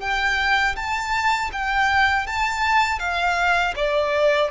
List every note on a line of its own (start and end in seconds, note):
0.00 0.75 G5
0.75 1.50 A5
1.52 2.26 G5
2.26 2.99 A5
2.99 3.74 F5
3.76 4.50 D5